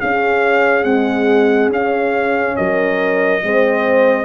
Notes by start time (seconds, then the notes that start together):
0.00 C#4 G#4 F5
0.84 G#3 C4 F#5
1.70 C#4 F5
2.57 F#3 A#4 D#5
3.43 G#3 C4 C5